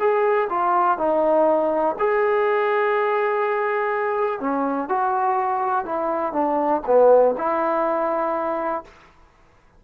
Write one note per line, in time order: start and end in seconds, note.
0.00 0.49 G#4
0.50 0.98 F4
0.98 1.96 D#4
1.99 4.41 G#4
4.41 4.89 C#4
4.89 5.86 F#4
5.86 6.33 E4
6.33 6.82 D4
6.87 7.36 B3
7.38 8.84 E4